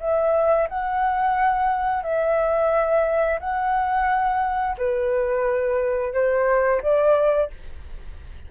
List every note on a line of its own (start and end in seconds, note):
0.00 0.68 E5
0.69 2.04 F#5
2.04 3.40 E5
3.40 4.77 F#5
4.78 6.14 B4
6.14 6.82 C5
6.82 7.51 D5